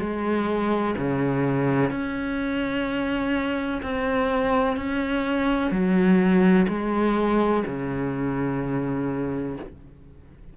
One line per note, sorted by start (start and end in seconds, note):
0.00 0.95 G#3
0.98 1.91 C#3
1.91 3.81 C#4
3.83 4.77 C4
4.77 5.71 C#4
5.71 6.67 F#3
6.69 7.64 G#3
7.67 9.57 C#3